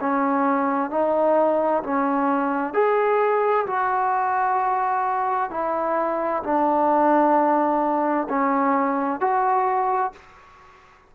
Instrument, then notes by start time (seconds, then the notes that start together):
trombone
0.00 C#4
0.91 D#4
1.83 C#4
2.74 G#4
3.66 F#4
5.50 E4
6.43 D4
8.29 C#4
9.20 F#4